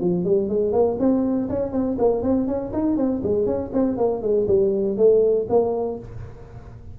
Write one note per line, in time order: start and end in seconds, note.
0.00 0.24 F3
0.24 0.49 G3
0.49 0.72 G#3
0.72 0.97 A#3
0.99 1.49 C4
1.49 1.72 C#4
1.72 1.97 C4
1.98 2.22 A#3
2.22 2.47 C4
2.47 2.72 C#4
2.73 2.97 D#4
2.97 3.21 C4
3.23 3.46 G#3
3.46 3.71 C#4
3.73 3.97 C4
3.97 4.22 A#3
4.22 4.47 G#3
4.48 4.97 G3
4.97 5.47 A3
5.49 5.99 A#3